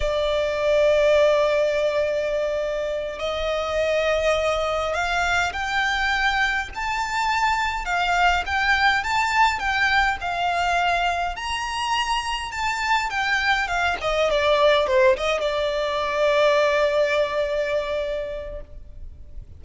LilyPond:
\new Staff \with { instrumentName = "violin" } { \time 4/4 \tempo 4 = 103 d''1~ | d''4. dis''2~ dis''8~ | dis''8 f''4 g''2 a''8~ | a''4. f''4 g''4 a''8~ |
a''8 g''4 f''2 ais''8~ | ais''4. a''4 g''4 f''8 | dis''8 d''4 c''8 dis''8 d''4.~ | d''1 | }